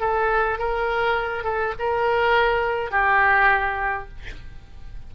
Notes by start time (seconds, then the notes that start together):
0.00 A4
0.58 A#4
1.44 A4
1.79 A#4
2.91 G4